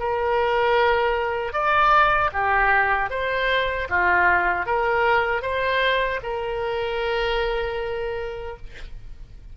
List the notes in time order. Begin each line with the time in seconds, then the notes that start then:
0.00 A#4
1.53 D5
2.33 G4
3.11 C5
3.90 F4
4.66 A#4
5.43 C5
6.23 A#4